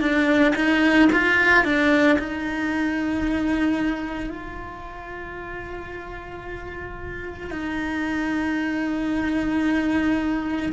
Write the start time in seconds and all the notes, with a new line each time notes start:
0.00 D4
0.56 D#4
1.12 F4
1.64 D4
2.18 D#4
4.30 F4
7.50 D#4